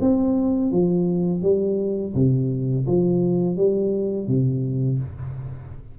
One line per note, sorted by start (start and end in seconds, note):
0.00 0.71 C4
0.71 1.42 F3
1.42 2.13 G3
2.14 2.86 C3
2.86 3.56 F3
3.56 4.27 G3
4.27 4.99 C3